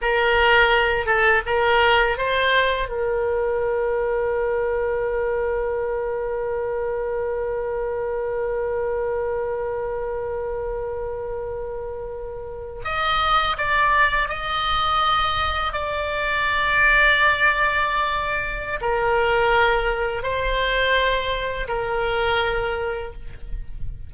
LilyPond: \new Staff \with { instrumentName = "oboe" } { \time 4/4 \tempo 4 = 83 ais'4. a'8 ais'4 c''4 | ais'1~ | ais'1~ | ais'1~ |
ais'4.~ ais'16 dis''4 d''4 dis''16~ | dis''4.~ dis''16 d''2~ d''16~ | d''2 ais'2 | c''2 ais'2 | }